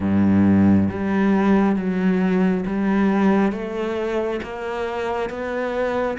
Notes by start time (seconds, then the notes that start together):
0.00 G2
0.89 G3
1.76 F#3
2.66 G3
3.52 A3
4.42 A#3
5.29 B3